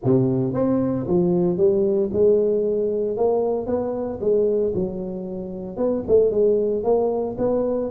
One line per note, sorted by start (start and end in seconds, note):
0.04 0.53 C3
0.53 1.06 C4
1.07 1.57 F3
1.57 2.10 G3
2.12 3.16 G#3
3.16 3.66 A#3
3.66 4.19 B3
4.20 4.73 G#3
4.74 5.77 F#3
5.77 6.03 B3
6.07 6.31 A3
6.31 6.83 G#3
6.83 7.36 A#3
7.38 7.90 B3